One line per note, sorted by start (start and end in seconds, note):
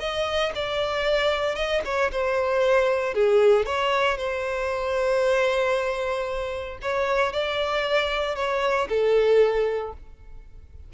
0.00 0.52 D#5
0.55 1.56 D5
1.56 1.82 D#5
1.85 2.11 C#5
2.12 3.14 C5
3.14 3.66 G#4
3.66 4.17 C#5
4.17 6.78 C5
6.82 7.32 C#5
7.32 8.35 D5
8.35 8.88 C#5
8.89 9.93 A4